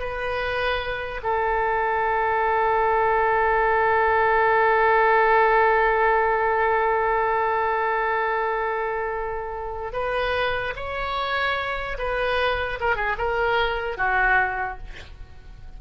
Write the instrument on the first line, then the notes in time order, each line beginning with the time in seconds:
oboe
0.00 B4
1.23 A4
9.93 B4
10.77 C#5
11.99 B4
12.81 A#4
12.96 G#4
13.18 A#4
13.98 F#4